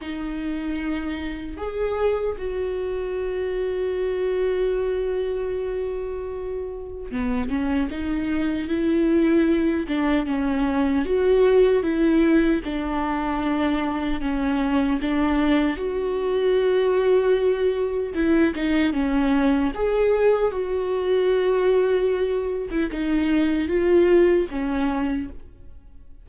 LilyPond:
\new Staff \with { instrumentName = "viola" } { \time 4/4 \tempo 4 = 76 dis'2 gis'4 fis'4~ | fis'1~ | fis'4 b8 cis'8 dis'4 e'4~ | e'8 d'8 cis'4 fis'4 e'4 |
d'2 cis'4 d'4 | fis'2. e'8 dis'8 | cis'4 gis'4 fis'2~ | fis'8. e'16 dis'4 f'4 cis'4 | }